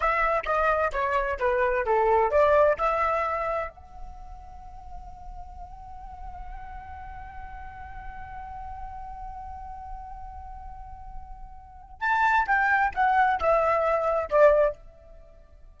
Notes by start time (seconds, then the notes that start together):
0.00 E5
0.45 D#5
0.92 C#5
1.39 B4
1.85 A4
2.30 D5
2.77 E5
3.69 F#5
12.00 A5
12.47 G5
12.94 F#5
13.40 E5
14.30 D5